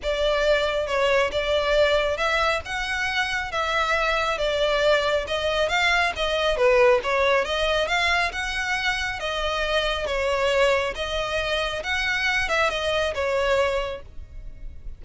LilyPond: \new Staff \with { instrumentName = "violin" } { \time 4/4 \tempo 4 = 137 d''2 cis''4 d''4~ | d''4 e''4 fis''2 | e''2 d''2 | dis''4 f''4 dis''4 b'4 |
cis''4 dis''4 f''4 fis''4~ | fis''4 dis''2 cis''4~ | cis''4 dis''2 fis''4~ | fis''8 e''8 dis''4 cis''2 | }